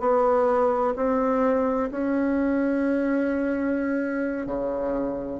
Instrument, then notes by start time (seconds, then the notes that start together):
bassoon
0.00 B3
0.96 C4
1.91 C#4
4.47 C#3